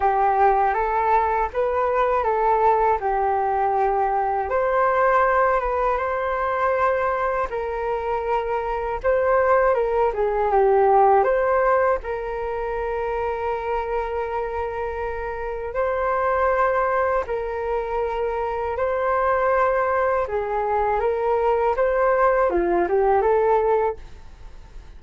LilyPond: \new Staff \with { instrumentName = "flute" } { \time 4/4 \tempo 4 = 80 g'4 a'4 b'4 a'4 | g'2 c''4. b'8 | c''2 ais'2 | c''4 ais'8 gis'8 g'4 c''4 |
ais'1~ | ais'4 c''2 ais'4~ | ais'4 c''2 gis'4 | ais'4 c''4 f'8 g'8 a'4 | }